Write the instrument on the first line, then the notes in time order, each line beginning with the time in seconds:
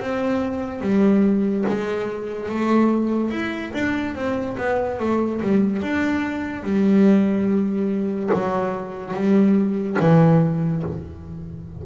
double bass
0.00 C4
0.82 G3
1.69 G#3
2.50 A3
3.31 E4
3.74 D4
4.16 C4
4.58 B3
5.00 A3
5.42 G3
5.82 D4
6.64 G3
8.34 F#3
9.14 G3
10.00 E3